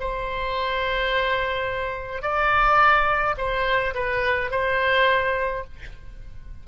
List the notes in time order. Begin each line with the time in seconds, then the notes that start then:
0.00 C5
2.22 D5
3.38 C5
3.95 B4
4.51 C5